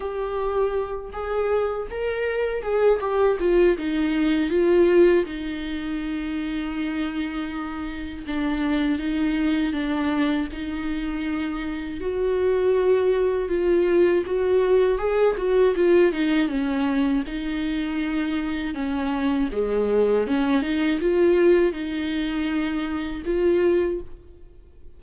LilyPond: \new Staff \with { instrumentName = "viola" } { \time 4/4 \tempo 4 = 80 g'4. gis'4 ais'4 gis'8 | g'8 f'8 dis'4 f'4 dis'4~ | dis'2. d'4 | dis'4 d'4 dis'2 |
fis'2 f'4 fis'4 | gis'8 fis'8 f'8 dis'8 cis'4 dis'4~ | dis'4 cis'4 gis4 cis'8 dis'8 | f'4 dis'2 f'4 | }